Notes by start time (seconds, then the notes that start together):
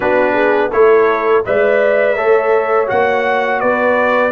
0.00 B3 D4 F#4 B4
0.33 G#4
0.71 A3 E4 A4 C#5
1.45 G#3 B4 D5 E5
2.16 A3 A4 C#5
2.87 A#3 F#4 F#5
3.60 B3 B4 D5